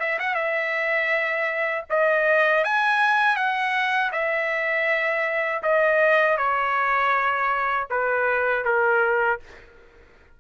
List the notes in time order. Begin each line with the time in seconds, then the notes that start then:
0.00 E5
0.19 F#5
0.34 E5
1.90 D#5
2.64 G#5
3.36 F#5
4.12 E5
5.63 D#5
6.38 C#5
7.90 B4
8.65 A#4